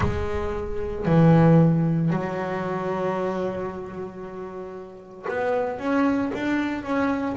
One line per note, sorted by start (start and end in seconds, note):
0.00 1.05 G#3
1.05 2.10 E3
2.10 5.26 F#3
5.28 5.78 B3
5.78 6.31 C#4
6.33 6.83 D4
6.83 7.35 C#4